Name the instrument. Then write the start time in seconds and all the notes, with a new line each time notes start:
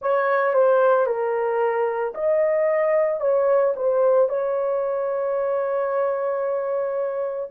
horn
0.01 C#5
0.54 C5
1.06 A#4
2.14 D#5
3.20 C#5
3.75 C5
4.29 C#5